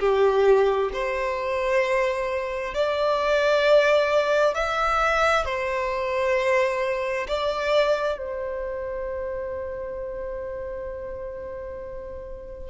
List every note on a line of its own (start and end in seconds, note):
0.00 0.91 G4
0.93 2.74 C5
2.74 4.55 D5
4.55 5.45 E5
5.45 7.27 C5
7.28 8.18 D5
8.18 12.70 C5